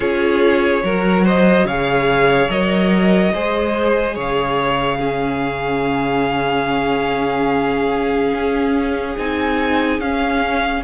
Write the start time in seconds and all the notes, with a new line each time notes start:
0.00 C#4 F4 G#4 C#5
0.83 F#3 F#4 A#4
1.24 C5 D#5
1.64 C#3 G#4 C#5 F5
2.49 F#3 A#4 D#5
3.33 G#3 G#4 C5
4.14 C#3 C#5 F5
4.98 C#4 G#4
8.33 C#4
9.17 C4 D#4 G#5
9.99 C#4 F5